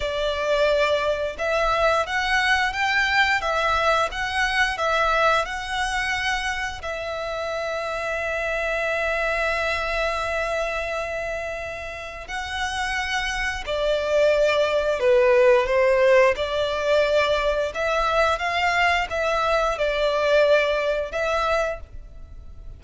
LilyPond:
\new Staff \with { instrumentName = "violin" } { \time 4/4 \tempo 4 = 88 d''2 e''4 fis''4 | g''4 e''4 fis''4 e''4 | fis''2 e''2~ | e''1~ |
e''2 fis''2 | d''2 b'4 c''4 | d''2 e''4 f''4 | e''4 d''2 e''4 | }